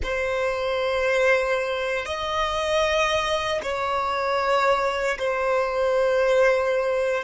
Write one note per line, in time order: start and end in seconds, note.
0.03 2.05 C5
2.05 3.61 D#5
3.63 5.18 C#5
5.18 7.23 C5